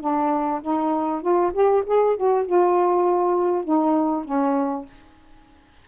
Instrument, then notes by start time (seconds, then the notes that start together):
saxophone
0.00 D4
0.61 D#4
1.21 F4
1.53 G4
1.86 G#4
2.16 F#4
2.46 F4
3.64 D#4
4.25 C#4